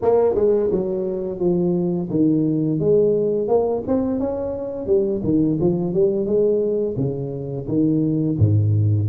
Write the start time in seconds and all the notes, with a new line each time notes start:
0.02 A#3
0.35 G#3
0.71 F#3
1.39 F3
2.10 D#3
2.79 G#3
3.48 A#3
3.87 C4
4.19 C#4
4.86 G3
5.23 D#3
5.60 F3
5.93 G3
6.26 G#3
6.96 C#3
7.67 D#3
8.38 G#2